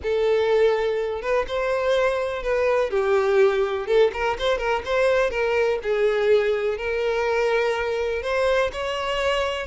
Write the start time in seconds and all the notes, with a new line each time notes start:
0.02 A4
1.21 B4
1.47 C5
2.42 B4
2.90 G4
3.86 A4
4.13 A#4
4.38 C5
4.58 A#4
4.85 C5
5.30 A#4
5.82 G#4
6.77 A#4
8.22 C5
8.72 C#5